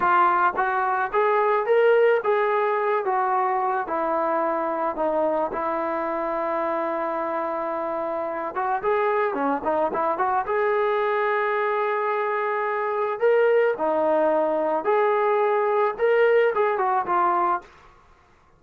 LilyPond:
\new Staff \with { instrumentName = "trombone" } { \time 4/4 \tempo 4 = 109 f'4 fis'4 gis'4 ais'4 | gis'4. fis'4. e'4~ | e'4 dis'4 e'2~ | e'2.~ e'8 fis'8 |
gis'4 cis'8 dis'8 e'8 fis'8 gis'4~ | gis'1 | ais'4 dis'2 gis'4~ | gis'4 ais'4 gis'8 fis'8 f'4 | }